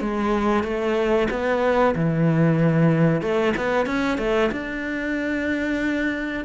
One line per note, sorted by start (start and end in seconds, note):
0.00 0.63 G#3
0.63 1.28 A3
1.30 1.94 B3
1.95 3.21 E3
3.21 3.53 A3
3.56 3.86 B3
3.86 4.18 C#4
4.18 4.50 A3
4.51 6.44 D4